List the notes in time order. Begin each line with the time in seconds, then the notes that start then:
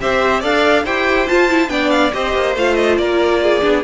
0.00 C4 G4 C5 E5
0.40 D4 A4 D5 F5
0.85 E4 G4 C5 G5
1.28 F4 A5
1.49 E4
1.68 B3 D4 D5 G5
1.90 F5
2.12 C4 G4 C5 D#5
2.34 A#3
2.55 A3 F4 F5
2.74 D#5
2.98 A#3 A#4 D5
3.42 G#4
3.61 B3 D4